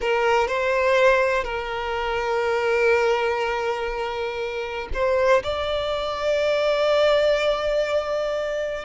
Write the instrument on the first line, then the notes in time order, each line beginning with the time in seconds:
violin
0.00 A#4
0.47 C5
1.44 A#4
4.93 C5
5.43 D5